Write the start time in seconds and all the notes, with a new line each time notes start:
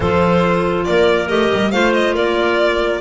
0.00 F3 F4 A4 C5
0.84 A#3 A#4 D5
1.28 A3 G4 D#5
1.52 G3
1.71 A3 F4 C5 F5
1.93 D#5
2.14 A#3 A#4 D5